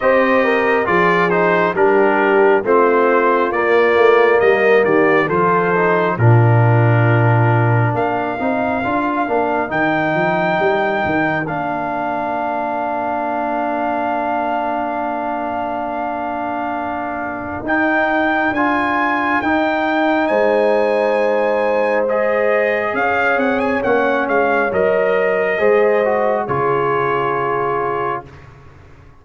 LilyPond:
<<
  \new Staff \with { instrumentName = "trumpet" } { \time 4/4 \tempo 4 = 68 dis''4 d''8 c''8 ais'4 c''4 | d''4 dis''8 d''8 c''4 ais'4~ | ais'4 f''2 g''4~ | g''4 f''2.~ |
f''1 | g''4 gis''4 g''4 gis''4~ | gis''4 dis''4 f''8 fis''16 gis''16 fis''8 f''8 | dis''2 cis''2 | }
  \new Staff \with { instrumentName = "horn" } { \time 4/4 c''8 ais'8 gis'4 g'4 f'4~ | f'4 ais'8 g'8 a'4 f'4~ | f'4 ais'2.~ | ais'1~ |
ais'1~ | ais'2. c''4~ | c''2 cis''2~ | cis''4 c''4 gis'2 | }
  \new Staff \with { instrumentName = "trombone" } { \time 4/4 g'4 f'8 dis'8 d'4 c'4 | ais2 f'8 dis'8 d'4~ | d'4. dis'8 f'8 d'8 dis'4~ | dis'4 d'2.~ |
d'1 | dis'4 f'4 dis'2~ | dis'4 gis'2 cis'4 | ais'4 gis'8 fis'8 f'2 | }
  \new Staff \with { instrumentName = "tuba" } { \time 4/4 c'4 f4 g4 a4 | ais8 a8 g8 dis8 f4 ais,4~ | ais,4 ais8 c'8 d'8 ais8 dis8 f8 | g8 dis8 ais2.~ |
ais1 | dis'4 d'4 dis'4 gis4~ | gis2 cis'8 c'8 ais8 gis8 | fis4 gis4 cis2 | }
>>